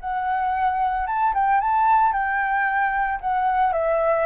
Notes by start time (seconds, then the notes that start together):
0.00 F#5
1.06 A5
1.34 G5
1.60 A5
2.13 G5
3.20 F#5
3.73 E5